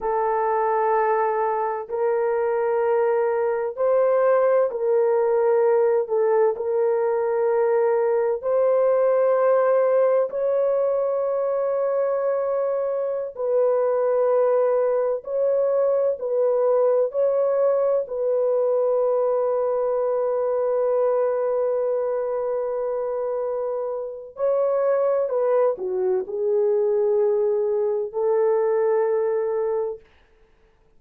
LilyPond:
\new Staff \with { instrumentName = "horn" } { \time 4/4 \tempo 4 = 64 a'2 ais'2 | c''4 ais'4. a'8 ais'4~ | ais'4 c''2 cis''4~ | cis''2~ cis''16 b'4.~ b'16~ |
b'16 cis''4 b'4 cis''4 b'8.~ | b'1~ | b'2 cis''4 b'8 fis'8 | gis'2 a'2 | }